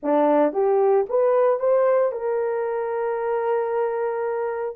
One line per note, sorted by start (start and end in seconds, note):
0.02 0.53 D4
0.53 1.06 G4
1.09 1.59 B4
1.59 2.12 C5
2.12 4.75 A#4